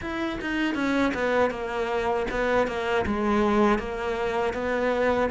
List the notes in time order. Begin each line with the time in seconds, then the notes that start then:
0.01 E4
0.41 D#4
0.75 C#4
1.14 B3
1.50 A#3
2.30 B3
2.67 A#3
3.06 G#3
3.78 A#3
4.53 B3